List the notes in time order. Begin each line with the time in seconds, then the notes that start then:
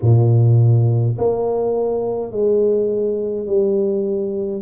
0.01 A#2
1.18 A#3
2.31 G#3
3.46 G3